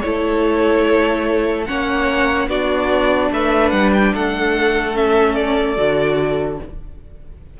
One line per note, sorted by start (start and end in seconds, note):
0.00 1.68 A3
0.00 1.66 E4
0.00 1.67 A4
0.00 1.64 C#5
1.66 2.47 A#3
1.66 2.49 C#4
1.66 2.48 C#5
1.66 2.48 F#5
2.47 3.30 B3
2.47 4.94 D4
2.47 3.31 F#4
2.47 3.31 D5
3.31 3.72 A3
3.31 4.13 B4
3.31 3.70 E5
3.70 4.13 G3
3.70 3.90 F#5
3.93 4.14 G5
4.13 5.77 A3
4.13 6.60 A4
4.13 4.96 F#5
4.94 5.76 C#4
4.94 5.35 E5
5.35 6.58 D5
5.76 6.59 D3
5.76 6.59 F#4